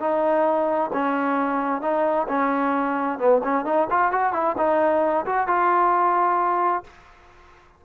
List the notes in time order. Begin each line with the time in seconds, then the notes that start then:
0.00 D#4
0.93 C#4
1.82 D#4
2.28 C#4
3.19 B3
3.44 C#4
3.65 D#4
3.90 F4
4.12 F#4
4.33 E4
4.57 D#4
5.26 F#4
5.48 F4